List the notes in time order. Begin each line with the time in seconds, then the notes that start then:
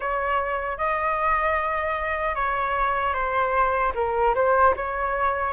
0.00 C#5
0.77 D#5
2.35 C#5
3.13 C5
3.95 A#4
4.35 C5
4.76 C#5